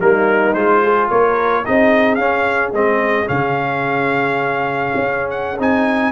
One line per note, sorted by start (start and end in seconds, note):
0.00 0.55 G3
0.00 0.55 A#3
0.00 0.83 D#4
0.00 0.53 A#4
0.53 1.09 G#3
0.53 1.64 F4
0.53 1.08 C5
0.83 1.10 G#4
1.10 1.65 A#3
1.10 1.64 A#4
1.10 1.65 C#5
1.64 2.18 C4
1.64 2.19 D#4
1.64 6.12 G#4
1.64 2.15 D#5
2.15 2.72 C#4
2.15 2.73 C#4
2.15 2.69 F5
2.72 3.26 G#3
2.72 3.25 C4
2.72 3.28 D#5
3.25 4.93 C#3
3.25 5.57 C#4
3.25 5.30 F5
4.95 5.58 C#4
5.30 5.57 F#5
5.58 6.12 C4
5.58 6.12 D#4
5.58 6.12 G#5